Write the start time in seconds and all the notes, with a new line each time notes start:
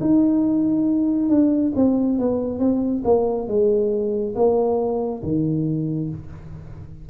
0.00 D#4
1.29 D4
1.75 C4
2.19 B3
2.59 C4
3.04 A#3
3.47 G#3
4.35 A#3
5.23 D#3